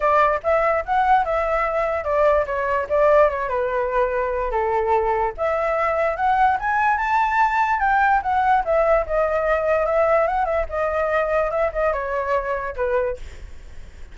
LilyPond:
\new Staff \with { instrumentName = "flute" } { \time 4/4 \tempo 4 = 146 d''4 e''4 fis''4 e''4~ | e''4 d''4 cis''4 d''4 | cis''8 b'2~ b'8 a'4~ | a'4 e''2 fis''4 |
gis''4 a''2 g''4 | fis''4 e''4 dis''2 | e''4 fis''8 e''8 dis''2 | e''8 dis''8 cis''2 b'4 | }